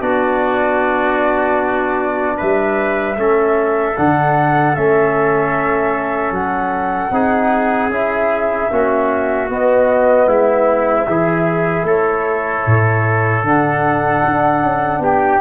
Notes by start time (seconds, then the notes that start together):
0.00 B3 D4 F#4 D5
2.37 G3 B4 E5
3.17 A3 C#4 A4
3.97 D3 D4 F#5
4.75 A3 C#4 E5
6.31 F#3 F#5
7.11 C4 D#4 G#4
7.89 C#4 E4 E5
8.72 A#3 C#4 F#4
9.49 B3 D#5
10.27 G#3 E4 E5
11.07 E3 E4 G#4
11.83 A3 A4 C#5
12.66 A2
13.44 D3 D4 F#5
14.25 D4
14.62 C#4
14.99 B3 G4 G5